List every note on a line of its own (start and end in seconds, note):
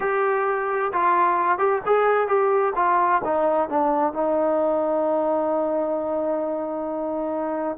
0.00 0.92 G4
0.92 1.58 F4
1.58 1.81 G4
1.85 2.27 G#4
2.27 2.73 G4
2.75 3.21 F4
3.24 3.69 D#4
3.69 4.13 D4
4.13 7.77 D#4